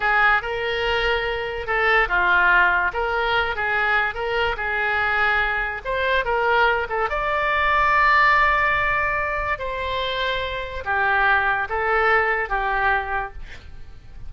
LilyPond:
\new Staff \with { instrumentName = "oboe" } { \time 4/4 \tempo 4 = 144 gis'4 ais'2. | a'4 f'2 ais'4~ | ais'8 gis'4. ais'4 gis'4~ | gis'2 c''4 ais'4~ |
ais'8 a'8 d''2.~ | d''2. c''4~ | c''2 g'2 | a'2 g'2 | }